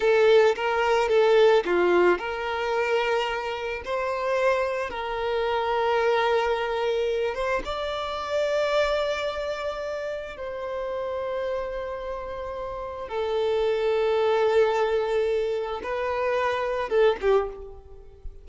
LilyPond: \new Staff \with { instrumentName = "violin" } { \time 4/4 \tempo 4 = 110 a'4 ais'4 a'4 f'4 | ais'2. c''4~ | c''4 ais'2.~ | ais'4. c''8 d''2~ |
d''2. c''4~ | c''1 | a'1~ | a'4 b'2 a'8 g'8 | }